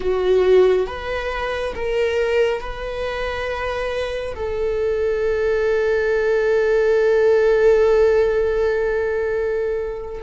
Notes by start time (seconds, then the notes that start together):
0.00 F#4
0.86 B4
1.75 A#4
2.60 B4
4.35 A4